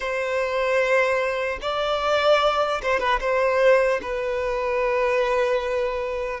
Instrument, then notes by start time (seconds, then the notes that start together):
violin
0.00 C5
1.61 D5
2.82 C5
2.99 B4
3.20 C5
4.02 B4